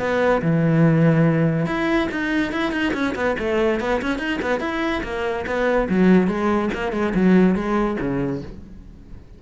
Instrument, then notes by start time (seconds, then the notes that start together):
cello
0.00 B3
0.42 E3
1.67 E4
2.12 D#4
2.53 E4
2.72 D#4
2.94 C#4
3.16 B3
3.39 A3
3.81 B3
4.02 C#4
4.19 D#4
4.42 B3
4.61 E4
5.04 A#3
5.47 B3
5.90 F#3
6.28 G#3
6.74 A#3
6.93 G#3
7.15 F#3
7.55 G#3
8.01 C#3